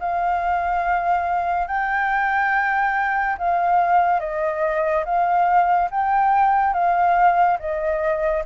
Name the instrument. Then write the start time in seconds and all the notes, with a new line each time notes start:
flute
0.00 F5
1.68 G5
3.39 F5
4.20 D#5
5.06 F5
5.91 G5
6.74 F5
7.60 D#5